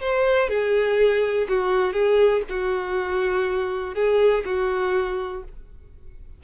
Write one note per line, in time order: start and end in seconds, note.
0.00 0.49 C5
0.49 1.47 G#4
1.48 1.93 F#4
1.93 2.42 G#4
2.49 3.94 F#4
3.94 4.44 G#4
4.45 5.43 F#4